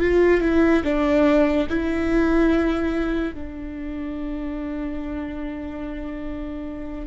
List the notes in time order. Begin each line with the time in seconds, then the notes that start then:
0.00 F4
0.41 E4
0.84 D4
1.69 E4
3.34 D4